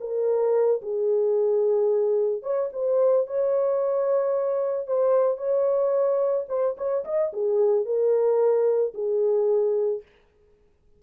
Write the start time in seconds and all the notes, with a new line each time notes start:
0.00 A#4
0.81 G#4
2.42 C#5
2.72 C5
3.27 C#5
4.87 C5
5.37 C#5
6.48 C5
6.77 C#5
7.04 D#5
7.33 G#4
7.85 A#4
8.94 G#4